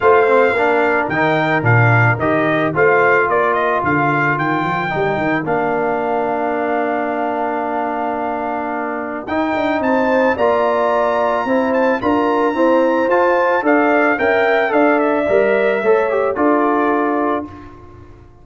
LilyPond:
<<
  \new Staff \with { instrumentName = "trumpet" } { \time 4/4 \tempo 4 = 110 f''2 g''4 f''4 | dis''4 f''4 d''8 dis''8 f''4 | g''2 f''2~ | f''1~ |
f''4 g''4 a''4 ais''4~ | ais''4. a''8 ais''2 | a''4 f''4 g''4 f''8 e''8~ | e''2 d''2 | }
  \new Staff \with { instrumentName = "horn" } { \time 4/4 c''4 ais'2.~ | ais'4 c''4 ais'2~ | ais'1~ | ais'1~ |
ais'2 c''4 d''4~ | d''4 c''4 ais'4 c''4~ | c''4 d''4 e''4 d''4~ | d''4 cis''4 a'2 | }
  \new Staff \with { instrumentName = "trombone" } { \time 4/4 f'8 c'8 d'4 dis'4 d'4 | g'4 f'2.~ | f'4 dis'4 d'2~ | d'1~ |
d'4 dis'2 f'4~ | f'4 e'4 f'4 c'4 | f'4 a'4 ais'4 a'4 | ais'4 a'8 g'8 f'2 | }
  \new Staff \with { instrumentName = "tuba" } { \time 4/4 a4 ais4 dis4 ais,4 | dis4 a4 ais4 d4 | dis8 f8 g8 dis8 ais2~ | ais1~ |
ais4 dis'8 d'8 c'4 ais4~ | ais4 c'4 d'4 e'4 | f'4 d'4 cis'4 d'4 | g4 a4 d'2 | }
>>